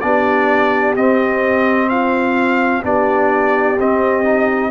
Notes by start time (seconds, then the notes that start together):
0.00 B3 D4 G4 D5
0.96 C4 D#5
1.89 F4 F5
2.83 B3 D4 G4 D5
3.79 C4 D#5
4.24 D#4